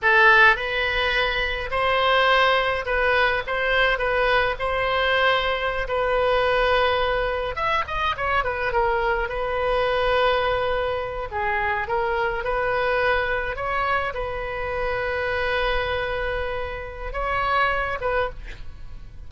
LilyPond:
\new Staff \with { instrumentName = "oboe" } { \time 4/4 \tempo 4 = 105 a'4 b'2 c''4~ | c''4 b'4 c''4 b'4 | c''2~ c''16 b'4.~ b'16~ | b'4~ b'16 e''8 dis''8 cis''8 b'8 ais'8.~ |
ais'16 b'2.~ b'8 gis'16~ | gis'8. ais'4 b'2 cis''16~ | cis''8. b'2.~ b'16~ | b'2 cis''4. b'8 | }